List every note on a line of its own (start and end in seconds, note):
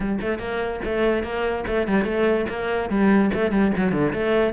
0.00 0.18 G3
0.21 0.38 A3
0.38 0.80 A#3
0.84 1.23 A3
1.23 1.64 A#3
1.67 1.87 A3
1.87 2.04 G3
2.04 2.45 A3
2.49 2.89 A#3
2.89 3.30 G3
3.33 3.51 A3
3.51 3.71 G3
3.76 3.92 F#3
3.92 4.12 D3
4.13 4.53 A3